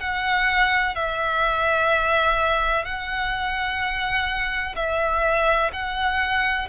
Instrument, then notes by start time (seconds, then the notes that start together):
violin
0.00 F#5
0.95 E5
2.85 F#5
4.76 E5
5.73 F#5